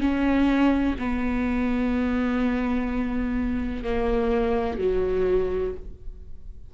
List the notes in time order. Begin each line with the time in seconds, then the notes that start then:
0.00 C#4
0.98 B3
3.84 A#3
4.78 F#3